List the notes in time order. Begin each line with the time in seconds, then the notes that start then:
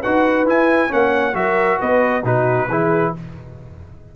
0.00 D#4 F#4 B4 F#5
0.45 E4 G#5
0.88 A#3 C#4 C#5 F#5
1.34 F#3 F#4 A#4 E5
1.79 B3 B4 D#5
2.24 B2 D#4 F#4 B4
2.68 E3 E4 G#4